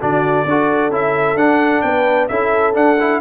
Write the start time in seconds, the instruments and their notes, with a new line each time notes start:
0.00 tuba D3, trombone D4, horn F#4, trumpet D5
0.45 tuba D4, trombone F#4, horn A4
0.89 tuba C#4, trombone E4, trumpet E5
1.35 tuba D4, trombone D4, trumpet F#5
1.81 tuba B3, horn B4, trumpet G5
2.28 tuba C#4, trombone E4, horn A4, trumpet E5
2.74 trombone D4, tuba D4, trumpet F#5
3.00 trombone E4